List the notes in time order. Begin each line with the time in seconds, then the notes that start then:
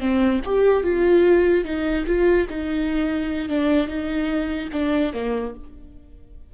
0.00 C4
0.45 G4
0.84 F4
1.65 D#4
2.07 F4
2.50 D#4
3.49 D4
3.88 D#4
4.73 D4
5.14 A#3